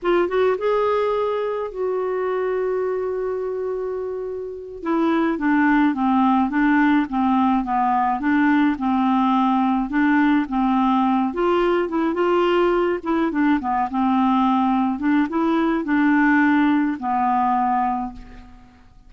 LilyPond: \new Staff \with { instrumentName = "clarinet" } { \time 4/4 \tempo 4 = 106 f'8 fis'8 gis'2 fis'4~ | fis'1~ | fis'8 e'4 d'4 c'4 d'8~ | d'8 c'4 b4 d'4 c'8~ |
c'4. d'4 c'4. | f'4 e'8 f'4. e'8 d'8 | b8 c'2 d'8 e'4 | d'2 b2 | }